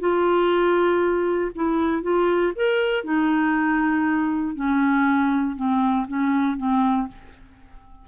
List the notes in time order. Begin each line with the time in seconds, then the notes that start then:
0.00 F4
1.55 E4
2.02 F4
2.56 A#4
3.04 D#4
4.55 C#4
5.56 C4
6.08 C#4
6.57 C4